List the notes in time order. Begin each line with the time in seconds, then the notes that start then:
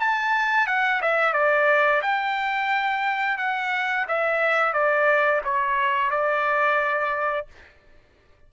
0.00 A5
0.67 F#5
1.02 E5
1.34 D5
2.02 G5
3.38 F#5
4.08 E5
4.74 D5
5.45 C#5
6.11 D5